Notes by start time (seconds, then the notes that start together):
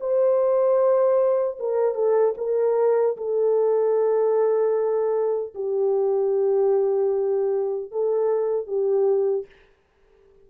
0.00 C5
1.59 A#4
1.94 A4
2.37 A#4
3.17 A4
5.54 G4
7.91 A4
8.67 G4